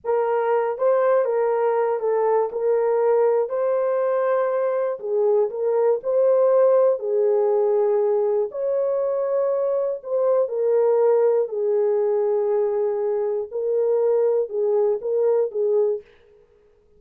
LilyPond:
\new Staff \with { instrumentName = "horn" } { \time 4/4 \tempo 4 = 120 ais'4. c''4 ais'4. | a'4 ais'2 c''4~ | c''2 gis'4 ais'4 | c''2 gis'2~ |
gis'4 cis''2. | c''4 ais'2 gis'4~ | gis'2. ais'4~ | ais'4 gis'4 ais'4 gis'4 | }